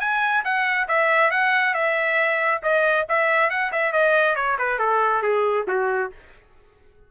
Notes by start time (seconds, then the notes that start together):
0.00 G#5
0.44 F#5
0.88 E5
1.31 F#5
1.74 E5
2.63 D#5
3.09 E5
3.50 F#5
3.72 E5
3.92 D#5
4.36 C#5
4.58 B4
4.79 A4
5.23 G#4
5.68 F#4